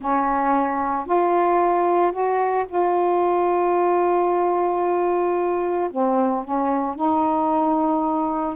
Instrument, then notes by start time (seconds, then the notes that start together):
saxophone
0.00 C#4
1.05 F4
2.12 F#4
2.68 F4
5.91 C4
6.44 C#4
6.95 D#4